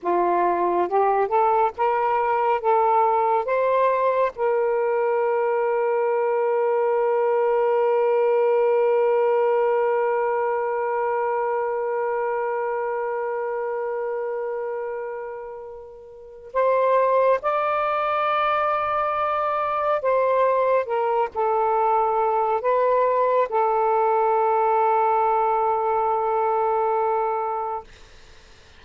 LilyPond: \new Staff \with { instrumentName = "saxophone" } { \time 4/4 \tempo 4 = 69 f'4 g'8 a'8 ais'4 a'4 | c''4 ais'2.~ | ais'1~ | ais'1~ |
ais'2. c''4 | d''2. c''4 | ais'8 a'4. b'4 a'4~ | a'1 | }